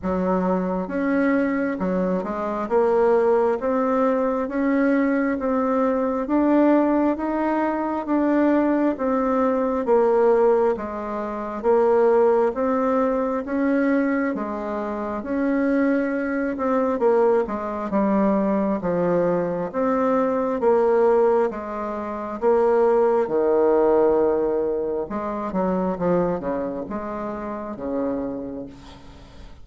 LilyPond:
\new Staff \with { instrumentName = "bassoon" } { \time 4/4 \tempo 4 = 67 fis4 cis'4 fis8 gis8 ais4 | c'4 cis'4 c'4 d'4 | dis'4 d'4 c'4 ais4 | gis4 ais4 c'4 cis'4 |
gis4 cis'4. c'8 ais8 gis8 | g4 f4 c'4 ais4 | gis4 ais4 dis2 | gis8 fis8 f8 cis8 gis4 cis4 | }